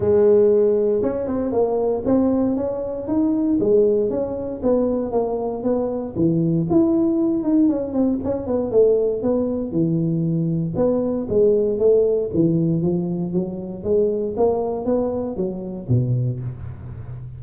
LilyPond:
\new Staff \with { instrumentName = "tuba" } { \time 4/4 \tempo 4 = 117 gis2 cis'8 c'8 ais4 | c'4 cis'4 dis'4 gis4 | cis'4 b4 ais4 b4 | e4 e'4. dis'8 cis'8 c'8 |
cis'8 b8 a4 b4 e4~ | e4 b4 gis4 a4 | e4 f4 fis4 gis4 | ais4 b4 fis4 b,4 | }